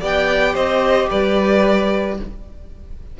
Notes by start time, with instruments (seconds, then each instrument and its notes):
0.00 cello B3, viola G4, violin D5 G5
0.54 cello C4, violin C5 D#5
1.10 cello G3, violin B4 D5